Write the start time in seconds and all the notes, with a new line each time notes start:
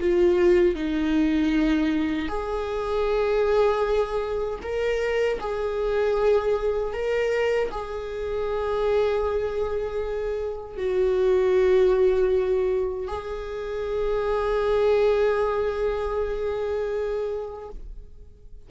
0.00 F4
0.76 D#4
2.29 G#4
4.63 A#4
5.41 G#4
6.93 A#4
7.72 G#4
10.77 F#4
13.08 G#4